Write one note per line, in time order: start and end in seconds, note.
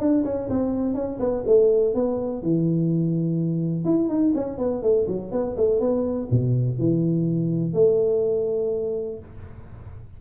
0.00 0.24 D4
0.25 0.49 C#4
0.49 0.95 C4
0.95 1.19 C#4
1.20 1.44 B3
1.47 1.95 A3
1.95 2.43 B3
2.43 3.85 E3
3.85 4.09 E4
4.09 4.34 D#4
4.35 4.58 C#4
4.58 4.83 B3
4.83 5.07 A3
5.08 5.32 F#3
5.32 5.56 B3
5.57 5.80 A3
5.80 6.29 B3
6.31 6.79 B2
6.79 7.74 E3
7.74 9.19 A3